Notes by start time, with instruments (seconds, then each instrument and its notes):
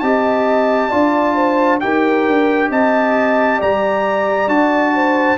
0.00 tuba C4, trombone G4, horn D#5, trumpet A5
0.90 tuba D4, trombone F4, horn D5
1.35 horn C5
1.81 tuba D#4, trombone G4, horn A#4, trumpet G5
2.28 tuba D4
2.71 tuba C4, horn D#5, trumpet A5
3.58 tuba G3, horn D5, trumpet A#5
4.48 tuba D4, trombone F#4, trumpet A5
4.95 horn C5